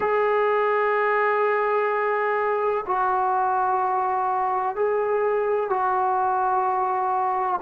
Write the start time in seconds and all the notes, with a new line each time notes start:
0.00 G#4
2.86 F#4
4.75 G#4
5.69 F#4